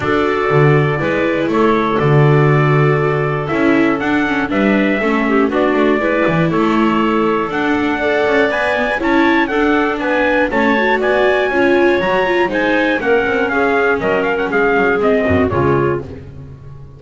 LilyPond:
<<
  \new Staff \with { instrumentName = "trumpet" } { \time 4/4 \tempo 4 = 120 d''2. cis''4 | d''2. e''4 | fis''4 e''2 d''4~ | d''4 cis''2 fis''4~ |
fis''4 gis''4 a''4 fis''4 | gis''4 a''4 gis''2 | ais''4 gis''4 fis''4 f''4 | dis''8 f''16 fis''16 f''4 dis''4 cis''4 | }
  \new Staff \with { instrumentName = "clarinet" } { \time 4/4 a'2 b'4 a'4~ | a'1~ | a'4 b'4 a'8 g'8 fis'4 | b'4 a'2. |
d''2 cis''4 a'4 | b'4 cis''4 d''4 cis''4~ | cis''4 c''4 ais'4 gis'4 | ais'4 gis'4. fis'8 f'4 | }
  \new Staff \with { instrumentName = "viola" } { \time 4/4 fis'2 e'2 | fis'2. e'4 | d'8 cis'8 d'4 cis'4 d'4 | e'2. d'4 |
a'4 b'8 b16 b'16 e'4 d'4~ | d'4 cis'8 fis'4. f'4 | fis'8 f'8 dis'4 cis'2~ | cis'2 c'4 gis4 | }
  \new Staff \with { instrumentName = "double bass" } { \time 4/4 d'4 d4 gis4 a4 | d2. cis'4 | d'4 g4 a4 b8 a8 | gis8 e8 a2 d'4~ |
d'8 cis'8 b4 cis'4 d'4 | b4 a4 b4 cis'4 | fis4 gis4 ais8 c'8 cis'4 | fis4 gis8 fis8 gis8 fis,8 cis4 | }
>>